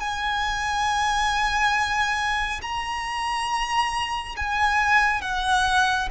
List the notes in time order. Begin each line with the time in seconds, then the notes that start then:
0.00 G#5
2.62 A#5
4.37 G#5
5.22 F#5